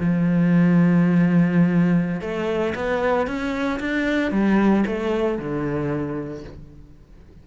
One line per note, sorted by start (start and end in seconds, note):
0.00 2.22 F3
2.22 2.74 A3
2.76 3.27 B3
3.27 3.80 C#4
3.80 4.32 D4
4.32 4.84 G3
4.87 5.39 A3
5.39 6.44 D3